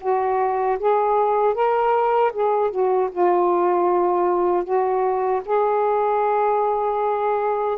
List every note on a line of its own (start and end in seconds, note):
0.00 0.78 F#4
0.79 1.54 G#4
1.54 2.32 A#4
2.33 2.70 G#4
2.70 3.09 F#4
3.11 4.63 F4
4.63 5.41 F#4
5.45 7.77 G#4